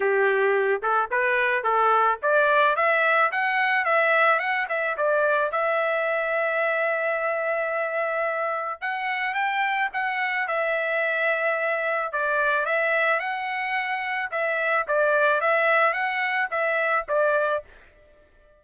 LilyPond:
\new Staff \with { instrumentName = "trumpet" } { \time 4/4 \tempo 4 = 109 g'4. a'8 b'4 a'4 | d''4 e''4 fis''4 e''4 | fis''8 e''8 d''4 e''2~ | e''1 |
fis''4 g''4 fis''4 e''4~ | e''2 d''4 e''4 | fis''2 e''4 d''4 | e''4 fis''4 e''4 d''4 | }